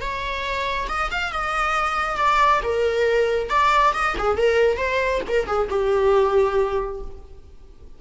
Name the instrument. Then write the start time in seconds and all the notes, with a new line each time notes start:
viola
0.00 C#5
0.88 D#5
1.11 F5
1.32 D#5
2.17 D5
2.63 A#4
3.49 D5
3.93 D#5
4.18 G#4
4.37 A#4
4.77 C5
5.28 A#4
5.46 G#4
5.69 G4